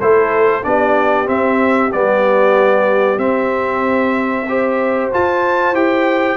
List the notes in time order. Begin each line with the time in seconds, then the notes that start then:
0.00 A3 E4 A4 C5
0.63 B3 D4 G4 D5
1.25 C4 E5
1.91 G3 B3 D5
3.17 C4 E5
4.48 G4 C5
5.12 F4 A5
5.72 E4 G4 G5